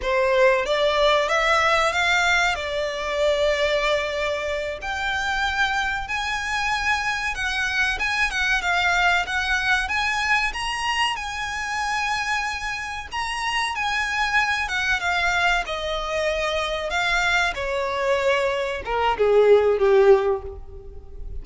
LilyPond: \new Staff \with { instrumentName = "violin" } { \time 4/4 \tempo 4 = 94 c''4 d''4 e''4 f''4 | d''2.~ d''8 g''8~ | g''4. gis''2 fis''8~ | fis''8 gis''8 fis''8 f''4 fis''4 gis''8~ |
gis''8 ais''4 gis''2~ gis''8~ | gis''8 ais''4 gis''4. fis''8 f''8~ | f''8 dis''2 f''4 cis''8~ | cis''4. ais'8 gis'4 g'4 | }